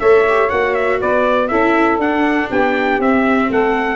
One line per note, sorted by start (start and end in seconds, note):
0.00 0.51 A3
0.00 0.27 A4
0.00 1.00 C#5
0.00 0.50 E5
0.29 0.49 G4
0.49 1.02 A#3
0.49 1.49 F#4
0.49 0.75 F#5
0.75 1.00 E5
1.00 1.52 B3
1.00 1.50 B4
1.00 1.49 D5
1.49 1.99 C#4
1.49 2.01 E4
1.49 2.50 A4
1.49 1.99 E5
1.99 2.49 D4
1.99 3.02 D4
1.99 2.51 F#5
2.50 2.99 B3
2.50 3.50 G4
2.50 3.02 G5
2.99 3.49 C4
2.99 3.97 C4
2.99 3.52 E5
3.50 3.97 A3
3.50 3.97 A4
3.50 3.97 F#5